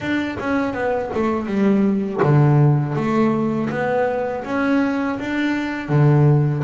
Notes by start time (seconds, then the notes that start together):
0.00 D4
0.39 C#4
0.73 B3
1.14 A3
1.46 G3
2.22 D3
2.95 A3
3.70 B3
4.44 C#4
5.19 D4
5.89 D3